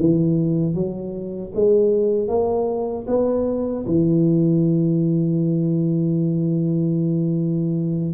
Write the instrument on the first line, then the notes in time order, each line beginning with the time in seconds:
tuba
0.00 E3
0.75 F#3
1.55 G#3
2.28 A#3
3.07 B3
3.87 E3